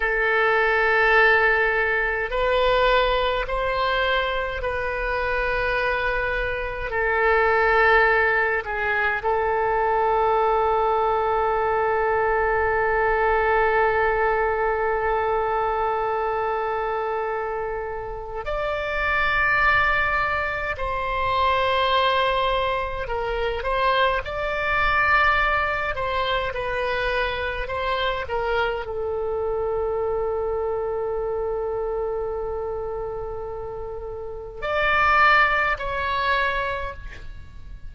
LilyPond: \new Staff \with { instrumentName = "oboe" } { \time 4/4 \tempo 4 = 52 a'2 b'4 c''4 | b'2 a'4. gis'8 | a'1~ | a'1 |
d''2 c''2 | ais'8 c''8 d''4. c''8 b'4 | c''8 ais'8 a'2.~ | a'2 d''4 cis''4 | }